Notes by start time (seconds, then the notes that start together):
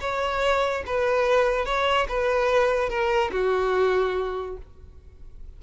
0.00 C#5
0.86 B4
1.65 C#5
2.08 B4
2.89 A#4
3.32 F#4